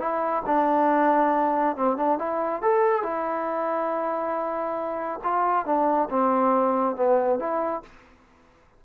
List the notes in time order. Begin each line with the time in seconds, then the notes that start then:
0.00 E4
0.46 D4
1.77 C4
1.97 D4
2.19 E4
2.63 A4
3.03 E4
5.24 F4
5.66 D4
6.10 C4
6.96 B3
7.40 E4